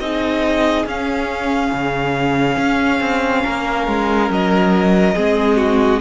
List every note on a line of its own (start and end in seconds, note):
0.00 0.86 C4
0.00 0.87 D#4
0.00 3.44 G#4
0.00 0.86 D#5
0.86 1.72 C#4
0.86 5.16 C#4
0.86 4.31 F5
1.73 2.57 C#3
2.57 3.00 C#4
3.01 3.43 C4
3.44 3.87 A#3
3.44 5.16 A#4
3.87 4.30 G#3
4.30 5.16 F#3
4.30 6.01 D#5
5.16 6.01 G#3
5.16 6.01 C4
5.16 5.57 G#4
5.57 6.00 F#4